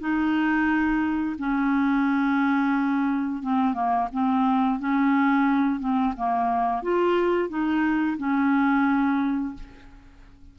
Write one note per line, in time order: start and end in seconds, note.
0.00 1.36 D#4
1.39 3.43 C#4
3.43 3.74 C4
3.74 4.08 A#3
4.13 4.80 C4
4.80 5.80 C#4
5.80 6.14 C4
6.17 6.83 A#3
6.83 7.49 F4
7.49 8.17 D#4
8.18 9.54 C#4